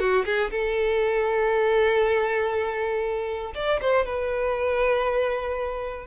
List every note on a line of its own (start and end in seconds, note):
0.00 0.25 F#4
0.25 0.51 G#4
0.51 3.53 A4
3.55 3.80 D5
3.81 4.06 C5
4.06 6.07 B4